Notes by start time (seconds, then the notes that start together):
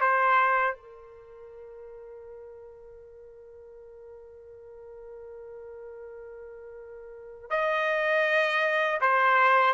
0.00 C5
0.75 A#4
7.50 D#5
9.01 C5